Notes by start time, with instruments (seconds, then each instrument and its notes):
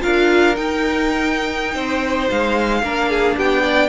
0.00 cello D4, viola F4, violin A#4 F5
0.55 viola D#4, cello D#4, violin G5
1.74 cello C4, violin C5
2.30 cello G#3, violin F5
2.82 cello A#3, viola D4, violin A#4
3.10 violin G#4
3.36 cello B3, violin G4 G5
3.62 violin D5